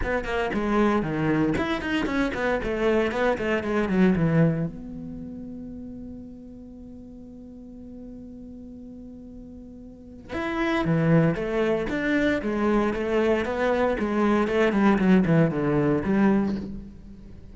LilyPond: \new Staff \with { instrumentName = "cello" } { \time 4/4 \tempo 4 = 116 b8 ais8 gis4 dis4 e'8 dis'8 | cis'8 b8 a4 b8 a8 gis8 fis8 | e4 b2.~ | b1~ |
b1 | e'4 e4 a4 d'4 | gis4 a4 b4 gis4 | a8 g8 fis8 e8 d4 g4 | }